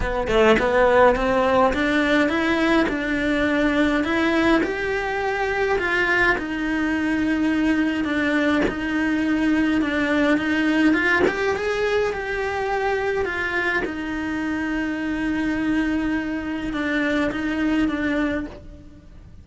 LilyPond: \new Staff \with { instrumentName = "cello" } { \time 4/4 \tempo 4 = 104 b8 a8 b4 c'4 d'4 | e'4 d'2 e'4 | g'2 f'4 dis'4~ | dis'2 d'4 dis'4~ |
dis'4 d'4 dis'4 f'8 g'8 | gis'4 g'2 f'4 | dis'1~ | dis'4 d'4 dis'4 d'4 | }